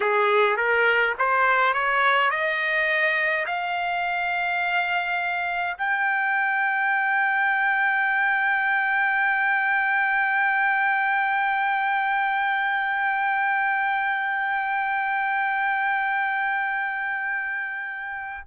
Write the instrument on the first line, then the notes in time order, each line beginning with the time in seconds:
trumpet
0.00 G#4
0.56 A#4
1.18 C5
1.73 C#5
2.30 D#5
3.46 F5
5.77 G5